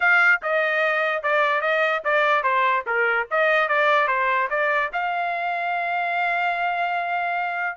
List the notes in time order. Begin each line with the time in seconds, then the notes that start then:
0.00 F5
0.42 D#5
1.22 D5
1.61 D#5
2.04 D5
2.43 C5
2.86 A#4
3.30 D#5
3.68 D5
4.07 C5
4.50 D5
4.92 F5